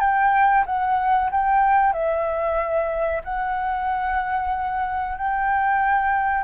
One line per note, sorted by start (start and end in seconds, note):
0.00 0.65 G5
0.66 1.31 F#5
1.31 1.93 G5
1.93 3.22 E5
3.24 5.18 F#5
5.18 6.44 G5